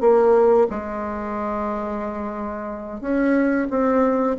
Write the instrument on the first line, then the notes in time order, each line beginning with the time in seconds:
bassoon
0.00 A#3
0.69 G#3
3.01 C#4
3.69 C4